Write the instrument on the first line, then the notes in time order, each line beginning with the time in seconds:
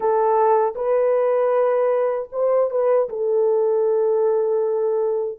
horn
0.00 A4
0.75 B4
2.31 C5
2.70 B4
3.09 A4